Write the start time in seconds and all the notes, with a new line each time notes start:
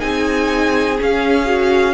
0.00 C4 D#4 G#4 G#5
0.99 C#4 F5
1.46 F#4